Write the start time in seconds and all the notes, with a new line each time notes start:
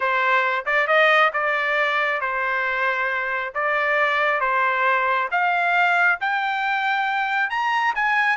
0.00 C5
0.65 D5
0.87 D#5
1.33 D5
2.20 C5
3.54 D5
4.40 C5
5.31 F5
6.20 G5
7.50 A#5
7.95 G#5